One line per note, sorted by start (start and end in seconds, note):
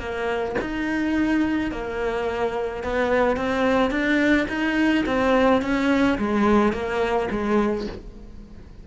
0.00 0.56 A#3
0.62 1.72 D#4
1.72 2.84 A#3
2.84 3.37 B3
3.37 3.91 C4
3.91 4.47 D4
4.49 5.05 D#4
5.06 5.62 C4
5.62 6.18 C#4
6.19 6.73 G#3
6.73 7.29 A#3
7.31 7.87 G#3